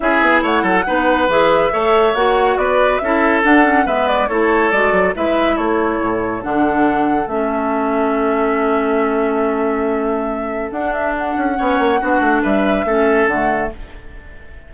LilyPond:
<<
  \new Staff \with { instrumentName = "flute" } { \time 4/4 \tempo 4 = 140 e''4 fis''2 e''4~ | e''4 fis''4 d''4 e''4 | fis''4 e''8 d''8 cis''4 d''4 | e''4 cis''2 fis''4~ |
fis''4 e''2.~ | e''1~ | e''4 fis''8 e''8 fis''2~ | fis''4 e''2 fis''4 | }
  \new Staff \with { instrumentName = "oboe" } { \time 4/4 gis'4 cis''8 a'8 b'2 | cis''2 b'4 a'4~ | a'4 b'4 a'2 | b'4 a'2.~ |
a'1~ | a'1~ | a'2. cis''4 | fis'4 b'4 a'2 | }
  \new Staff \with { instrumentName = "clarinet" } { \time 4/4 e'2 dis'4 gis'4 | a'4 fis'2 e'4 | d'8 cis'8 b4 e'4 fis'4 | e'2. d'4~ |
d'4 cis'2.~ | cis'1~ | cis'4 d'2 cis'4 | d'2 cis'4 a4 | }
  \new Staff \with { instrumentName = "bassoon" } { \time 4/4 cis'8 b8 a8 fis8 b4 e4 | a4 ais4 b4 cis'4 | d'4 gis4 a4 gis8 fis8 | gis4 a4 a,4 d4~ |
d4 a2.~ | a1~ | a4 d'4. cis'8 b8 ais8 | b8 a8 g4 a4 d4 | }
>>